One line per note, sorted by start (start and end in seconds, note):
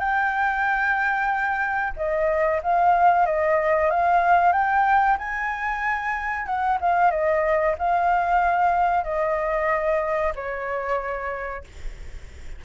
0.00 1.94 G5
1.96 2.61 D#5
2.63 3.26 F5
3.26 3.91 D#5
3.91 4.53 F5
4.53 5.17 G5
5.18 6.46 G#5
6.46 6.78 F#5
6.81 7.11 F5
7.11 7.75 D#5
7.79 9.04 F5
9.04 10.33 D#5
10.35 11.64 C#5